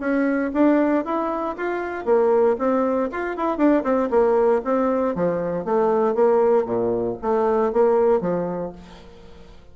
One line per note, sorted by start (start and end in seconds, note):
0.00 0.51 C#4
0.53 1.05 D4
1.05 1.56 E4
1.57 2.05 F4
2.05 2.57 A#3
2.58 3.10 C4
3.12 3.37 F4
3.37 3.58 E4
3.58 3.83 D4
3.83 4.09 C4
4.10 4.62 A#3
4.64 5.15 C4
5.15 5.65 F3
5.65 6.15 A3
6.15 6.65 A#3
6.65 7.17 A#2
7.22 7.73 A3
7.73 8.21 A#3
8.21 8.72 F3